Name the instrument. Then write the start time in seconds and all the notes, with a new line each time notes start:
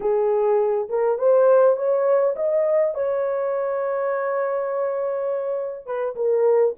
horn
0.00 G#4
0.89 A#4
1.18 C5
1.76 C#5
2.35 D#5
2.94 C#5
5.85 B4
6.15 A#4